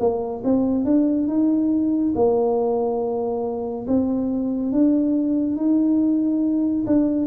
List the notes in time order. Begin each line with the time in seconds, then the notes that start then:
0.00 A#3
0.44 C4
0.85 D4
1.28 D#4
2.15 A#3
3.87 C4
4.73 D4
5.57 D#4
6.86 D4